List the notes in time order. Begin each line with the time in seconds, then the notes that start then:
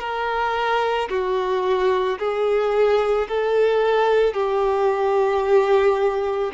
0.00 A#4
1.10 F#4
2.19 G#4
3.29 A4
4.34 G4